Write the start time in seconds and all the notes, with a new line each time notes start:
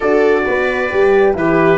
0.00 D4 F#4 A4 D5
0.45 B3 B4
0.90 G3 G4
1.34 E3 E4 G4 B4